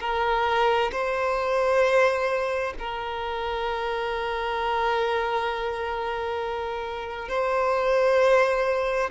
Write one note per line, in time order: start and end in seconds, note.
0.00 0.91 A#4
0.92 2.74 C5
2.79 7.29 A#4
7.29 9.10 C5